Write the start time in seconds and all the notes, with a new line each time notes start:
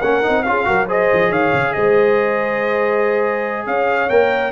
0.00 A#3 C#4 A#4 F#5
0.23 C4 D#4
0.43 C#4 F4 F5
0.49 G#4
0.65 F#3 F#4 A#4
0.87 G#4 C5 D#5
1.13 F3
1.30 D#3 C#5 F5
1.53 C#3
1.73 G#3 C5 D#5
3.67 C#4 C#5 F5
4.10 A#3 A#4 G5